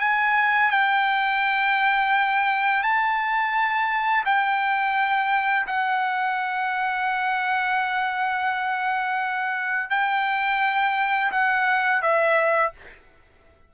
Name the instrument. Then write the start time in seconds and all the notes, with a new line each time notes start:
trumpet
0.00 G#5
0.71 G5
2.83 A5
4.25 G5
5.67 F#5
9.90 G5
11.31 F#5
12.02 E5